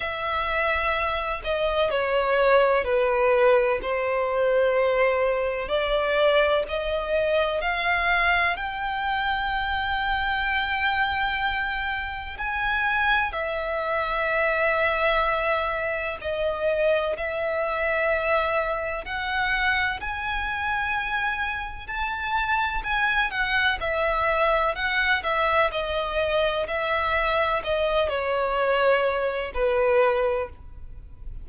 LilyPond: \new Staff \with { instrumentName = "violin" } { \time 4/4 \tempo 4 = 63 e''4. dis''8 cis''4 b'4 | c''2 d''4 dis''4 | f''4 g''2.~ | g''4 gis''4 e''2~ |
e''4 dis''4 e''2 | fis''4 gis''2 a''4 | gis''8 fis''8 e''4 fis''8 e''8 dis''4 | e''4 dis''8 cis''4. b'4 | }